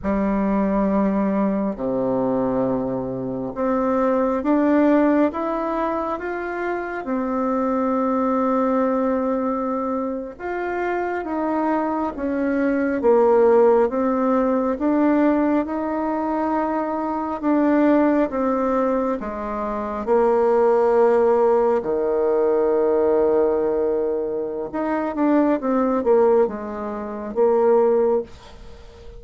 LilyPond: \new Staff \with { instrumentName = "bassoon" } { \time 4/4 \tempo 4 = 68 g2 c2 | c'4 d'4 e'4 f'4 | c'2.~ c'8. f'16~ | f'8. dis'4 cis'4 ais4 c'16~ |
c'8. d'4 dis'2 d'16~ | d'8. c'4 gis4 ais4~ ais16~ | ais8. dis2.~ dis16 | dis'8 d'8 c'8 ais8 gis4 ais4 | }